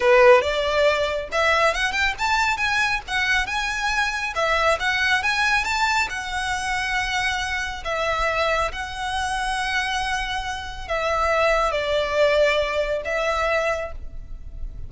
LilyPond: \new Staff \with { instrumentName = "violin" } { \time 4/4 \tempo 4 = 138 b'4 d''2 e''4 | fis''8 g''8 a''4 gis''4 fis''4 | gis''2 e''4 fis''4 | gis''4 a''4 fis''2~ |
fis''2 e''2 | fis''1~ | fis''4 e''2 d''4~ | d''2 e''2 | }